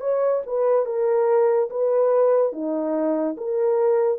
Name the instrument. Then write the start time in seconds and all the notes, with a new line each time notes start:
horn
0.00 C#5
0.46 B4
0.85 A#4
1.70 B4
2.52 D#4
3.37 A#4